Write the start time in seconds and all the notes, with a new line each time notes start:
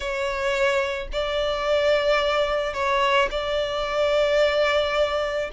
0.00 C#5
1.12 D5
2.73 C#5
3.30 D5